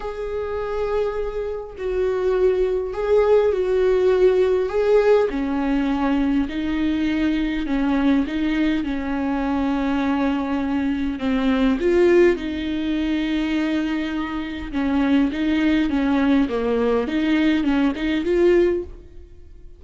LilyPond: \new Staff \with { instrumentName = "viola" } { \time 4/4 \tempo 4 = 102 gis'2. fis'4~ | fis'4 gis'4 fis'2 | gis'4 cis'2 dis'4~ | dis'4 cis'4 dis'4 cis'4~ |
cis'2. c'4 | f'4 dis'2.~ | dis'4 cis'4 dis'4 cis'4 | ais4 dis'4 cis'8 dis'8 f'4 | }